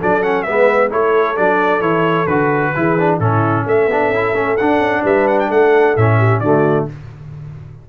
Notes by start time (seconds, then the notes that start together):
0.00 F#3 D4 A4 D5
0.22 C#4 F#5
0.42 G#3 B3 B4 E5
0.89 A3 E4 A4 C#5
1.36 F#3 D4 D5
1.80 E3 E4 C#5
2.26 D3 F#4 B4
2.75 E3 E4 G#4
2.98 D4
3.19 A2 C#4 E4 A4
3.66 A3 A4 E5
3.87 B3 D4
4.09 C#4 E4
4.33 A3 C#4
4.57 D4 F#5
4.79 C#4
5.02 G3 B4 E5
5.27 F#5
5.39 G5
5.47 A3 A4 F#5
5.96 A2 C#4 E5
6.18 G4
6.39 D3 A3 F#4 D5